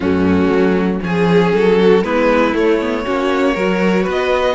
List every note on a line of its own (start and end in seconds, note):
0.00 0.49 F#2
0.00 1.01 A3
0.00 1.01 C#4
0.00 1.01 F#4
0.49 0.99 F#3
1.01 1.53 F3
1.01 2.03 C#4
1.01 1.78 G#4
1.01 1.53 G#4
1.53 2.03 F#3
1.53 2.03 A4
1.78 2.03 F#4
2.03 2.54 G#3
2.03 2.53 B3
2.03 3.05 E4
2.03 2.54 B4
2.53 2.79 A3
2.53 3.06 A3
2.53 4.10 C#5
2.80 3.04 B3
3.04 3.56 A#3
3.04 3.55 C#4
3.04 3.54 F#4
3.54 4.06 F#3
3.54 4.54 F#4
3.54 4.03 A#4
4.03 4.54 B3
4.03 4.53 B4
4.10 4.54 D#5